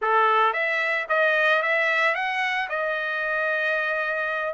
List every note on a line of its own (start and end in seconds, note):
0.01 0.53 A4
0.53 1.06 E5
1.08 1.62 D#5
1.62 2.14 E5
2.14 2.68 F#5
2.69 4.54 D#5